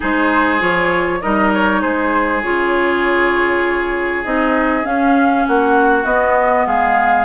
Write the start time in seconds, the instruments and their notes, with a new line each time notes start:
0.00 bassoon G#3, clarinet D#4, oboe G#4, flute C5
0.59 bassoon F3, clarinet F4, flute C#5
1.21 bassoon G3, clarinet D#4, oboe A#4, flute D#5
1.54 flute C#5
1.81 bassoon G#3, oboe G#4, flute C5
2.42 bassoon C#3, clarinet F4, flute C#5
4.24 bassoon C4, clarinet D#4, flute D#5
4.83 clarinet C#4, bassoon C#4, flute F5
5.47 bassoon A#3, oboe F#4, flute F#5
6.04 bassoon B3, clarinet B3, flute D#5
6.66 bassoon G#3, oboe G#4, flute F5